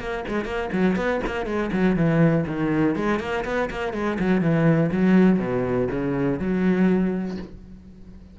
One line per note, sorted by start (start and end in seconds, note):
0.00 0.25 A#3
0.28 0.45 G#3
0.45 0.70 A#3
0.73 0.97 F#3
0.97 1.21 B3
1.27 1.46 A#3
1.46 1.71 G#3
1.73 1.96 F#3
1.96 2.46 E3
2.47 2.96 D#3
2.96 3.20 G#3
3.20 3.45 A#3
3.45 3.70 B3
3.71 3.94 A#3
3.94 4.18 G#3
4.20 4.42 F#3
4.42 4.91 E3
4.92 5.40 F#3
5.40 5.89 B2
5.91 6.40 C#3
6.40 7.38 F#3